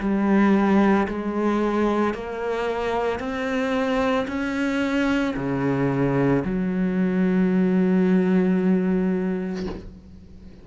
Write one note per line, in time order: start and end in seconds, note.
0.00 1.07 G3
1.08 2.14 G#3
2.14 3.19 A#3
3.19 4.27 C4
4.27 5.34 C#4
5.36 6.43 C#3
6.44 9.66 F#3